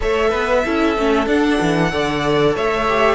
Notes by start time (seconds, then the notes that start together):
0.00 A3 A4 C#5 E5
0.29 B3 B4
0.64 C#4 E4 A4
0.97 A3 C#4
1.26 D4 F#5
1.60 E3
1.90 D3 A4 D5
2.55 A3 C#5 E5
2.89 G4